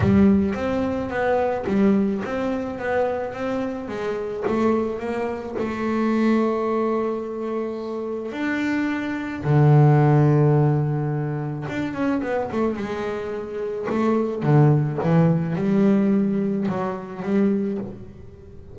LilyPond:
\new Staff \with { instrumentName = "double bass" } { \time 4/4 \tempo 4 = 108 g4 c'4 b4 g4 | c'4 b4 c'4 gis4 | a4 ais4 a2~ | a2. d'4~ |
d'4 d2.~ | d4 d'8 cis'8 b8 a8 gis4~ | gis4 a4 d4 e4 | g2 fis4 g4 | }